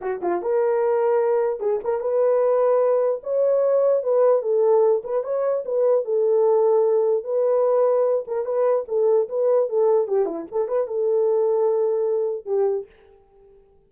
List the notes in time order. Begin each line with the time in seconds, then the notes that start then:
0.01 F#4
0.21 F4
0.42 A#4
1.60 G#4
1.84 A#4
2.00 B4
3.23 C#5
4.03 B4
4.41 A4
5.03 B4
5.23 C#5
5.65 B4
6.04 A4
7.24 B4
8.27 A#4
8.45 B4
8.88 A4
9.28 B4
9.69 A4
10.07 G4
10.25 E4
10.51 A4
10.68 B4
10.87 A4
12.45 G4